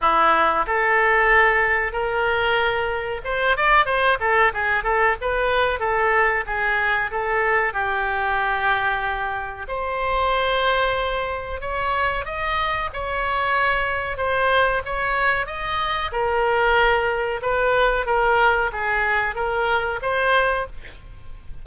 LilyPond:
\new Staff \with { instrumentName = "oboe" } { \time 4/4 \tempo 4 = 93 e'4 a'2 ais'4~ | ais'4 c''8 d''8 c''8 a'8 gis'8 a'8 | b'4 a'4 gis'4 a'4 | g'2. c''4~ |
c''2 cis''4 dis''4 | cis''2 c''4 cis''4 | dis''4 ais'2 b'4 | ais'4 gis'4 ais'4 c''4 | }